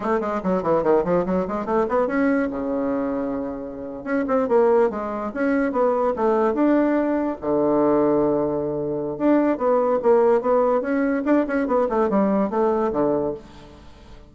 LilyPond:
\new Staff \with { instrumentName = "bassoon" } { \time 4/4 \tempo 4 = 144 a8 gis8 fis8 e8 dis8 f8 fis8 gis8 | a8 b8 cis'4 cis2~ | cis4.~ cis16 cis'8 c'8 ais4 gis16~ | gis8. cis'4 b4 a4 d'16~ |
d'4.~ d'16 d2~ d16~ | d2 d'4 b4 | ais4 b4 cis'4 d'8 cis'8 | b8 a8 g4 a4 d4 | }